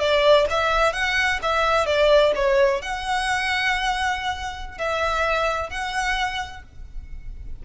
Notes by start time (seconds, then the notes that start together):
0.00 D5
0.51 E5
0.93 F#5
1.43 E5
1.86 D5
2.35 C#5
2.82 F#5
4.78 E5
5.70 F#5